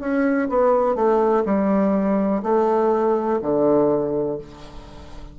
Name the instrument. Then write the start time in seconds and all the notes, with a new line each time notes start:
bassoon
0.00 C#4
0.49 B3
0.95 A3
1.45 G3
2.43 A3
3.42 D3